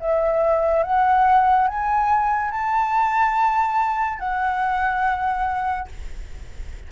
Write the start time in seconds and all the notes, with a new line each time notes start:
0.00 E5
0.83 F#5
1.67 G#5
2.51 A5
4.19 F#5